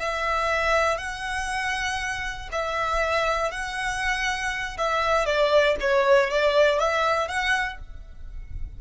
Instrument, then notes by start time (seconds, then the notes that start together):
violin
0.00 E5
0.98 F#5
2.52 E5
3.52 F#5
4.78 E5
5.26 D5
5.81 C#5
6.30 D5
6.80 E5
7.28 F#5